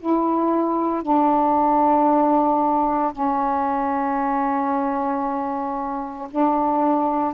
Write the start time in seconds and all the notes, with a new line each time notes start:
0.00 E4
1.03 D4
3.13 C#4
6.31 D4